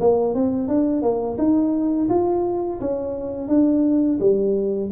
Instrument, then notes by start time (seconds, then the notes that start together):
tuba
0.00 A#3
0.35 C4
0.68 D4
1.02 A#3
1.38 D#4
2.09 F4
2.80 C#4
3.48 D4
4.20 G3